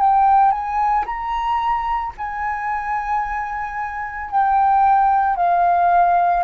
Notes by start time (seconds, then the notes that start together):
0.00 G5
0.51 G#5
1.06 A#5
2.17 G#5
4.31 G5
5.36 F5